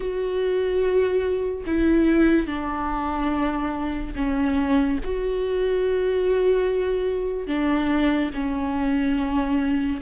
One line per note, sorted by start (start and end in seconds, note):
0.00 1.64 F#4
1.66 2.47 E4
2.47 4.13 D4
4.15 4.98 C#4
5.03 7.47 F#4
7.47 8.30 D4
8.34 10.00 C#4